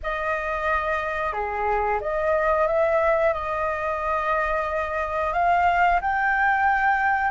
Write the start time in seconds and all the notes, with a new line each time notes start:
0.02 D#5
1.32 G#4
2.00 D#5
2.67 E5
3.33 D#5
5.33 F5
6.01 G5